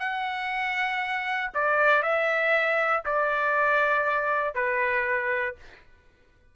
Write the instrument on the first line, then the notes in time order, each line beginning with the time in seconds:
trumpet
0.00 F#5
1.54 D5
2.03 E5
3.06 D5
4.55 B4